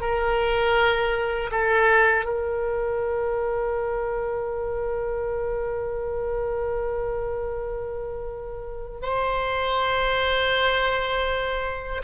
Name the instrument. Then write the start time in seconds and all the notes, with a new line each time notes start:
oboe
0.00 A#4
1.51 A4
2.24 A#4
9.02 C5